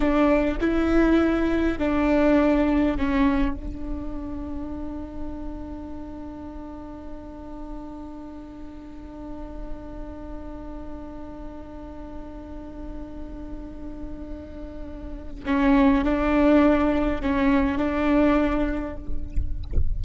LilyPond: \new Staff \with { instrumentName = "viola" } { \time 4/4 \tempo 4 = 101 d'4 e'2 d'4~ | d'4 cis'4 d'2~ | d'1~ | d'1~ |
d'1~ | d'1~ | d'2 cis'4 d'4~ | d'4 cis'4 d'2 | }